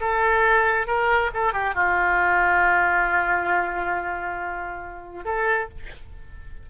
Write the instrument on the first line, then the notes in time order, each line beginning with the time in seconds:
oboe
0.00 A4
0.87 A#4
1.34 A4
1.53 G4
1.75 F4
5.25 A4